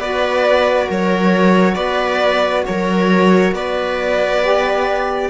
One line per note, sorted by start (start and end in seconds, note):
0.00 0.89 B3
0.00 4.43 F#4
0.00 0.87 B4
0.00 0.89 D5
0.87 1.76 F#3
0.87 1.76 A#4
0.87 1.75 C#5
1.75 2.65 B3
1.75 2.64 B4
1.75 2.63 D5
2.66 3.52 F#3
2.66 3.56 A#4
2.66 3.54 C#5
3.52 5.29 B3
3.52 5.30 B4
3.52 5.30 D5
4.43 5.30 G4